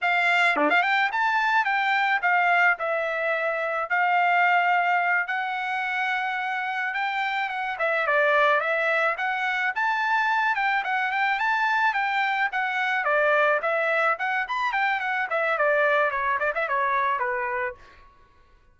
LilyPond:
\new Staff \with { instrumentName = "trumpet" } { \time 4/4 \tempo 4 = 108 f''4 d'16 f''16 g''8 a''4 g''4 | f''4 e''2 f''4~ | f''4. fis''2~ fis''8~ | fis''8 g''4 fis''8 e''8 d''4 e''8~ |
e''8 fis''4 a''4. g''8 fis''8 | g''8 a''4 g''4 fis''4 d''8~ | d''8 e''4 fis''8 b''8 g''8 fis''8 e''8 | d''4 cis''8 d''16 e''16 cis''4 b'4 | }